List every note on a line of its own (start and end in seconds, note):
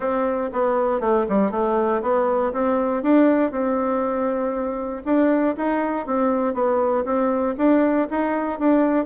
0.00 0.50 C4
0.52 1.00 B3
1.00 1.25 A3
1.28 1.51 G3
1.51 2.01 A3
2.02 2.52 B3
2.52 3.03 C4
3.03 3.51 D4
3.51 5.02 C4
5.05 5.55 D4
5.56 6.06 D#4
6.06 6.54 C4
6.54 7.04 B3
7.05 7.55 C4
7.57 8.08 D4
8.10 8.59 D#4
8.59 9.05 D4